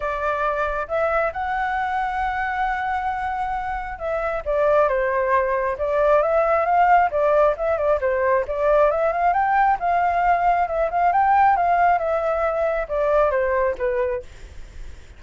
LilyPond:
\new Staff \with { instrumentName = "flute" } { \time 4/4 \tempo 4 = 135 d''2 e''4 fis''4~ | fis''1~ | fis''4 e''4 d''4 c''4~ | c''4 d''4 e''4 f''4 |
d''4 e''8 d''8 c''4 d''4 | e''8 f''8 g''4 f''2 | e''8 f''8 g''4 f''4 e''4~ | e''4 d''4 c''4 b'4 | }